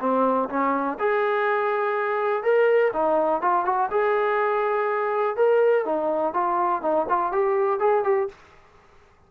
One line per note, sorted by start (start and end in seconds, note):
0.00 0.49 C4
0.49 0.98 C#4
1.00 2.43 G#4
2.43 2.92 A#4
2.94 3.42 D#4
3.42 3.65 F4
3.65 3.90 F#4
3.91 5.36 G#4
5.36 5.85 A#4
5.85 6.34 D#4
6.34 6.82 F4
6.82 7.06 D#4
7.09 7.32 F4
7.32 7.80 G4
7.80 8.04 G#4
8.04 8.28 G4